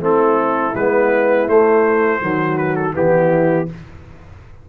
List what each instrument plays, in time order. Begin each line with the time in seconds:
0.00 tuba A3, trombone C4, horn E4, trumpet A4
0.75 tuba G#3, trombone B3, trumpet B4
1.47 trombone A3, tuba A3, trumpet C5
2.21 tuba D#3, trombone F#3, horn F#4
2.57 trumpet B4
2.75 trumpet A4
2.93 tuba E3, trombone B3, horn E4, trumpet G4